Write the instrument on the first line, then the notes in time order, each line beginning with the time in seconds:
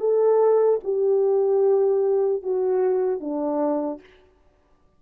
horn
0.00 A4
0.84 G4
2.43 F#4
3.20 D4